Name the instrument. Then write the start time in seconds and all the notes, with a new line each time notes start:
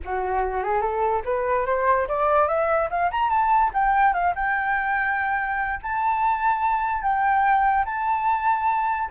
flute
0.05 F#4
0.63 G#4
0.81 A4
1.24 B4
1.66 C5
2.08 D5
2.48 E5
2.90 F5
3.11 A#5
3.29 A5
3.73 G5
4.13 F5
4.35 G5
5.82 A5
7.02 G5
7.85 A5